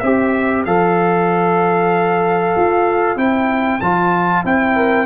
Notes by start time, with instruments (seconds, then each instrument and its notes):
0.00 tuba C4, trombone G4, horn C5, trumpet E5
0.66 tuba F3, trombone A4, trumpet F5
2.57 tuba F4
3.16 tuba C4, trombone E4, trumpet G5
3.81 tuba F3, trombone F4, trumpet A5
4.45 tuba C4, trombone E4, trumpet G5
4.76 horn A#4